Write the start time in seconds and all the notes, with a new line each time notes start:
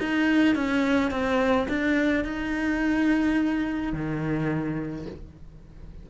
0.00 D#4
0.55 C#4
1.11 C4
1.69 D4
2.25 D#4
3.93 D#3